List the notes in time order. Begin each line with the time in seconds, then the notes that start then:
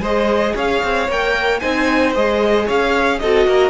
0.00 G#3 G#4 C5 D#5
0.56 C#4 C#5 F5
0.84 C4
1.09 A#3 A#4 G5
1.60 C4 D#4 C5 G#5
2.15 G#3 G#4 D#5
2.66 C#4 C#5 F5
3.19 C4 F#4 A4 D#5
3.47 A#3 A#4